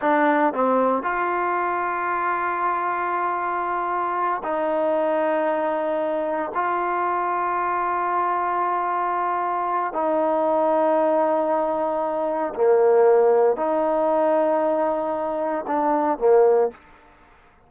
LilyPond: \new Staff \with { instrumentName = "trombone" } { \time 4/4 \tempo 4 = 115 d'4 c'4 f'2~ | f'1~ | f'8 dis'2.~ dis'8~ | dis'8 f'2.~ f'8~ |
f'2. dis'4~ | dis'1 | ais2 dis'2~ | dis'2 d'4 ais4 | }